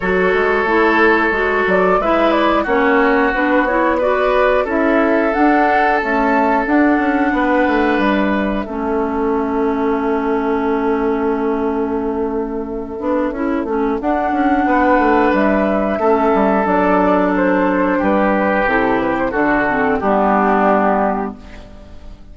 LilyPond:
<<
  \new Staff \with { instrumentName = "flute" } { \time 4/4 \tempo 4 = 90 cis''2~ cis''8 d''8 e''8 d''8 | cis''4 b'8 cis''8 d''4 e''4 | fis''4 a''4 fis''2 | e''1~ |
e''1~ | e''4 fis''2 e''4~ | e''4 d''4 c''4 b'4 | a'8 b'16 c''16 a'4 g'2 | }
  \new Staff \with { instrumentName = "oboe" } { \time 4/4 a'2. b'4 | fis'2 b'4 a'4~ | a'2. b'4~ | b'4 a'2.~ |
a'1~ | a'2 b'2 | a'2. g'4~ | g'4 fis'4 d'2 | }
  \new Staff \with { instrumentName = "clarinet" } { \time 4/4 fis'4 e'4 fis'4 e'4 | cis'4 d'8 e'8 fis'4 e'4 | d'4 a4 d'2~ | d'4 cis'2.~ |
cis'2.~ cis'8 d'8 | e'8 cis'8 d'2. | cis'4 d'2. | e'4 d'8 c'8 b2 | }
  \new Staff \with { instrumentName = "bassoon" } { \time 4/4 fis8 gis8 a4 gis8 fis8 gis4 | ais4 b2 cis'4 | d'4 cis'4 d'8 cis'8 b8 a8 | g4 a2.~ |
a2.~ a8 b8 | cis'8 a8 d'8 cis'8 b8 a8 g4 | a8 g8 fis2 g4 | c4 d4 g2 | }
>>